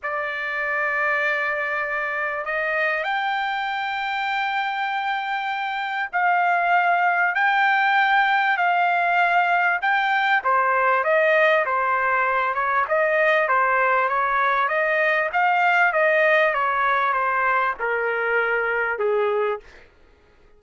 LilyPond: \new Staff \with { instrumentName = "trumpet" } { \time 4/4 \tempo 4 = 98 d''1 | dis''4 g''2.~ | g''2 f''2 | g''2 f''2 |
g''4 c''4 dis''4 c''4~ | c''8 cis''8 dis''4 c''4 cis''4 | dis''4 f''4 dis''4 cis''4 | c''4 ais'2 gis'4 | }